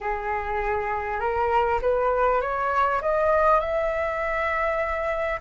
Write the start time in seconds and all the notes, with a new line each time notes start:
0.00 G#4
1.20 A#4
1.81 B4
2.41 C#5
3.01 D#5
3.60 E5